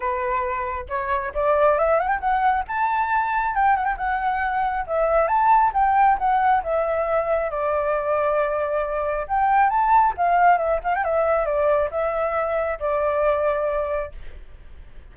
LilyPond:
\new Staff \with { instrumentName = "flute" } { \time 4/4 \tempo 4 = 136 b'2 cis''4 d''4 | e''8 fis''16 g''16 fis''4 a''2 | g''8 fis''16 g''16 fis''2 e''4 | a''4 g''4 fis''4 e''4~ |
e''4 d''2.~ | d''4 g''4 a''4 f''4 | e''8 f''16 g''16 e''4 d''4 e''4~ | e''4 d''2. | }